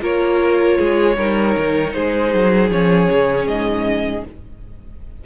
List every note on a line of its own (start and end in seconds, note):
0.00 0.78 A#3
0.00 1.15 F4
0.00 0.78 A#4
0.00 1.93 C#5
0.78 1.17 G#3
0.78 1.16 G#4
1.17 1.56 G3
1.17 2.71 D#4
1.17 1.93 A#4
1.58 1.96 D#3
1.93 2.34 G#3
1.93 4.24 G#4
1.93 2.70 C5
2.34 2.70 F#3
2.70 3.09 F3
2.70 4.25 C#4
2.70 3.47 C#5
3.11 3.47 C#3
3.47 4.24 G#2
3.47 4.24 D#5